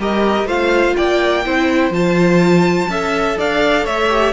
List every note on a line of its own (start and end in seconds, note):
0.00 0.45 G3
0.00 0.48 G4
0.00 0.47 A#4
0.00 0.48 D#5
0.45 0.93 A3
0.45 1.45 F4
0.45 0.96 C5
0.45 0.97 F5
0.97 1.46 A#3
0.97 1.45 D5
0.97 1.93 G5
1.45 1.91 C4
1.45 1.93 E4
1.45 2.91 C5
1.91 2.87 F3
1.91 2.90 F4
1.91 3.39 A5
2.89 3.38 C#4
2.89 4.10 A4
2.89 3.39 E5
3.39 3.86 D4
3.39 3.85 D5
3.39 3.87 F5
3.85 4.33 A3
3.85 4.33 C#5
3.85 4.33 E5
4.10 4.33 G4